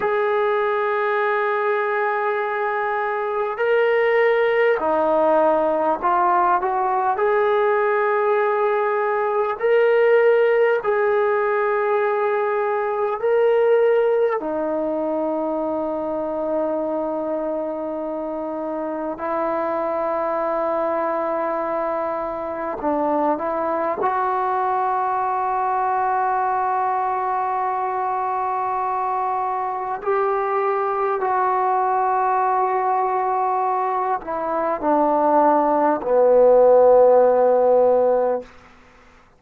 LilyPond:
\new Staff \with { instrumentName = "trombone" } { \time 4/4 \tempo 4 = 50 gis'2. ais'4 | dis'4 f'8 fis'8 gis'2 | ais'4 gis'2 ais'4 | dis'1 |
e'2. d'8 e'8 | fis'1~ | fis'4 g'4 fis'2~ | fis'8 e'8 d'4 b2 | }